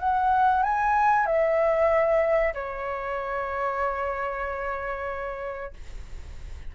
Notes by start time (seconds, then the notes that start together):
0.00 F#5
0.63 G#5
1.26 E5
2.54 C#5